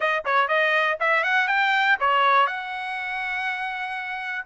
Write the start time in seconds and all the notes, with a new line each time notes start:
0.00 D#5
0.25 C#5
0.47 D#5
1.00 E5
1.23 F#5
1.47 G5
2.00 C#5
2.46 F#5